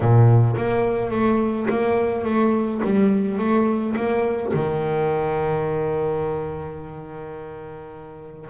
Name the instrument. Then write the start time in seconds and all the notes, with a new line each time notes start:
double bass
0.00 A#2
0.56 A#3
1.10 A3
1.69 A#3
2.24 A3
2.84 G3
3.38 A3
3.95 A#3
4.53 D#3